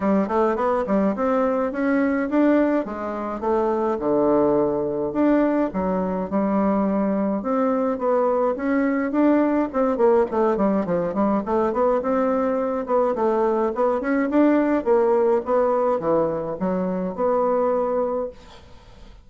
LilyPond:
\new Staff \with { instrumentName = "bassoon" } { \time 4/4 \tempo 4 = 105 g8 a8 b8 g8 c'4 cis'4 | d'4 gis4 a4 d4~ | d4 d'4 fis4 g4~ | g4 c'4 b4 cis'4 |
d'4 c'8 ais8 a8 g8 f8 g8 | a8 b8 c'4. b8 a4 | b8 cis'8 d'4 ais4 b4 | e4 fis4 b2 | }